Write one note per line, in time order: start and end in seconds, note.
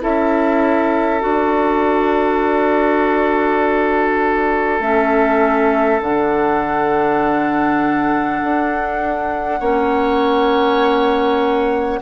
0.00 1.23 C#4
0.00 1.20 E4
0.00 9.60 A4
0.00 1.21 E5
1.20 4.79 D4
1.20 4.79 F#4
1.20 4.80 D5
4.79 5.99 A3
4.79 6.01 C#4
4.79 6.00 E5
6.01 8.41 D3
6.01 9.61 D4
6.01 12.02 F#5
8.43 9.60 D4
9.60 12.00 A#3
9.60 12.01 C#4
9.60 12.00 C#5